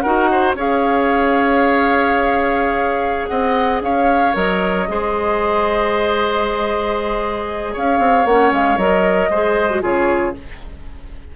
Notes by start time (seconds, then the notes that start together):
0.00 D#4 F#4 A#4 F#5
0.31 C5
0.54 C#4 G#4 C#5 F5
3.27 C4 D#5 F#5
3.81 C#4 C#5 F5
4.33 F#3 A#4 D#5
4.88 G#3 G#4 C5
7.73 C#4 C#5 F5
7.99 C4
8.25 A#3 C#4 F#5
8.52 G#3 F5
8.77 F#3 A#4 D#5
9.29 G#3 G#4 C5
9.70 F#4
9.81 C#3 F4 G#4 C#5